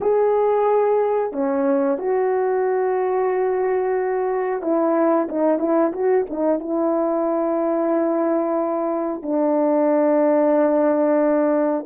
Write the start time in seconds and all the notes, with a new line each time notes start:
0.01 G#4
1.32 C#4
1.98 F#4
4.62 E4
5.28 D#4
5.59 E4
5.92 F#4
6.29 D#4
6.59 E4
9.22 D4